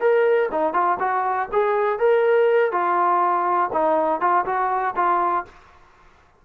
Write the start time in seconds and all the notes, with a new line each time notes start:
0.00 A#4
0.51 D#4
0.73 F4
0.99 F#4
1.52 G#4
1.99 A#4
2.72 F4
3.72 D#4
4.20 F4
4.45 F#4
4.96 F4